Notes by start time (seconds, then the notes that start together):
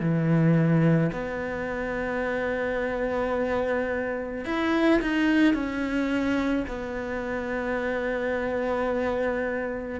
0.00 E3
1.12 B3
4.44 E4
5.01 D#4
5.54 C#4
6.67 B3